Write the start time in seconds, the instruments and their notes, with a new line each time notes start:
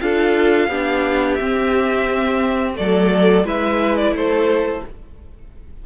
0.00 cello D4, viola F4, violin A4 F5
0.68 cello B3, viola D4, violin G4
1.34 viola C4, violin E5
1.41 cello C4
2.74 cello F#3, viola A3, violin A4 D5
3.44 cello G#3, viola E4, violin B4 E5
3.96 violin D5
4.11 cello A3, violin A4 C5